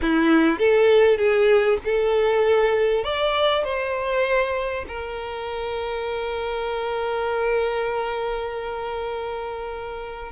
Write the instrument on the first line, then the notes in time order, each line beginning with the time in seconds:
violin
0.01 E4
0.58 A4
1.17 G#4
1.84 A4
3.04 D5
3.64 C5
4.88 A#4